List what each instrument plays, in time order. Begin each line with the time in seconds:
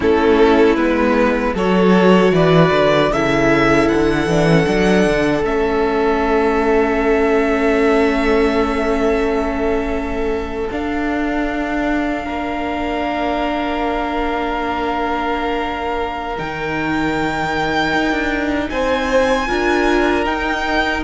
0.00 cello A3, viola C#4, violin E4 A4
0.75 cello G#3, viola B3, violin B4
1.54 cello F#3, viola F#4, violin A4 C#5
2.31 cello E3, violin B4 D5
2.72 cello D3
3.12 cello C#3, viola E4, violin A4 E5
3.88 cello D3, violin F#5
4.26 cello E3, viola D4
4.49 viola C#4
4.66 cello F#3, viola D4
5.06 cello D3
5.43 cello A3, viola C#4, violin E5
10.70 cello D4, viola D4, violin F5
12.24 cello A#3, violin A#4
16.37 cello D#3, viola D#4, violin G5
17.93 cello D#4
18.11 cello D4
18.69 cello C4, violin C5 G#5
19.47 cello D4, viola F4, violin A#4
20.25 viola D#4, cello D#4, violin G5